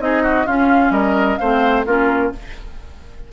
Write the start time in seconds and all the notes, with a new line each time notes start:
0.00 C4 D#4 G#4 D#5
0.23 F#4
0.46 C#4 F4 F5
0.91 G3 A#4 D#5
1.37 A3 C4 C5 F5
1.86 A#3 C#4 F4 A#4